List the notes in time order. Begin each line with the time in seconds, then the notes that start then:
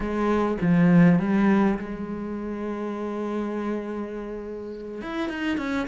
0.00 G#3
0.61 F3
1.19 G3
1.78 G#3
5.01 E4
5.29 D#4
5.57 C#4